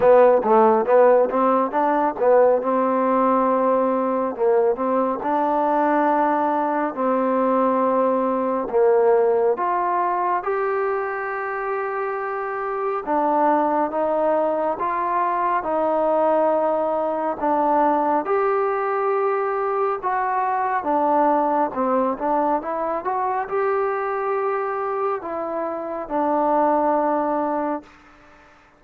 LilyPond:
\new Staff \with { instrumentName = "trombone" } { \time 4/4 \tempo 4 = 69 b8 a8 b8 c'8 d'8 b8 c'4~ | c'4 ais8 c'8 d'2 | c'2 ais4 f'4 | g'2. d'4 |
dis'4 f'4 dis'2 | d'4 g'2 fis'4 | d'4 c'8 d'8 e'8 fis'8 g'4~ | g'4 e'4 d'2 | }